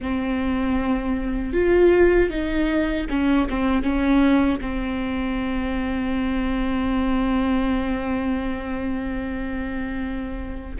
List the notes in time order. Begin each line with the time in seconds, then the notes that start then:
0.00 C4
1.53 F4
2.29 D#4
3.09 C#4
3.49 C4
3.83 C#4
4.60 C4